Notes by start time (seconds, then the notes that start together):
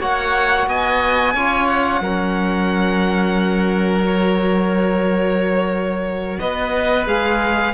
0.00 A#3 F#4 C#5 F#5
0.67 B3 D#5 G#5
1.34 C#4 F4 C#5
1.67 F#5
2.00 F#3 C#4 A#4
4.04 F#4 C#5
6.39 B3 B4 D#5
7.07 G#3 G#4 F5